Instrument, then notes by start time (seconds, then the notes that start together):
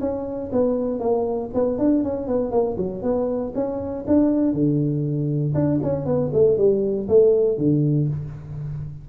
tuba
0.00 C#4
0.52 B3
0.99 A#3
1.54 B3
1.78 D4
2.03 C#4
2.27 B3
2.51 A#3
2.77 F#3
3.02 B3
3.54 C#4
4.07 D4
4.53 D3
5.54 D4
5.82 C#4
6.05 B3
6.33 A3
6.57 G3
7.08 A3
7.57 D3